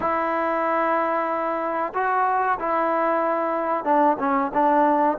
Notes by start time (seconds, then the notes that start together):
0.00 E4
1.94 F#4
2.59 E4
3.84 D4
4.19 C#4
4.53 D4